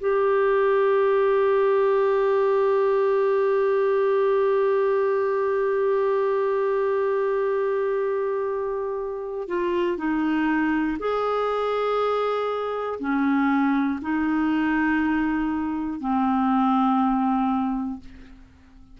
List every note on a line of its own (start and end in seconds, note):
0.00 9.48 G4
9.48 9.97 F4
9.97 10.97 D#4
10.99 12.99 G#4
12.99 13.99 C#4
14.01 16.00 D#4
16.00 18.00 C4